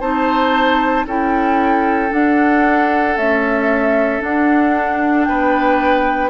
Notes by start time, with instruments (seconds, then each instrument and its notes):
0.00 bassoon C4, clarinet D#4, oboe C5, flute A5
1.06 bassoon C#4, clarinet E4, oboe A4, flute G5
2.09 clarinet D4, bassoon D4, flute F#5
3.15 clarinet A3, bassoon C#4, flute E5
4.19 clarinet D4, bassoon D4, flute F#5
5.24 bassoon B3, oboe B4, flute G5